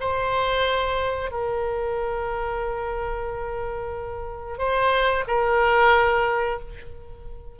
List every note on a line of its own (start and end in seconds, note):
0.00 1.31 C5
1.31 4.58 A#4
4.58 5.24 C5
5.27 6.59 A#4